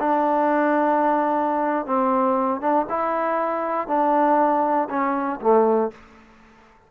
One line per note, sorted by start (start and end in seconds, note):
0.00 1.87 D4
1.87 2.61 C4
2.61 2.87 D4
2.90 3.88 E4
3.88 4.89 D4
4.90 5.40 C#4
5.41 5.92 A3